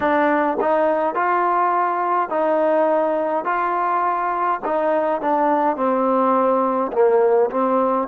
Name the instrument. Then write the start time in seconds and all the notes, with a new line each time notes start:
trombone
0.00 D4
0.60 D#4
1.14 F4
2.29 D#4
3.45 F4
4.65 D#4
5.21 D4
5.76 C4
6.92 A#3
7.50 C4